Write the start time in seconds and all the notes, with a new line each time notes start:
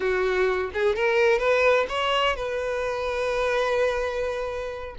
0.00 F#4
0.73 G#4
0.95 A#4
1.39 B4
1.88 C#5
2.36 B4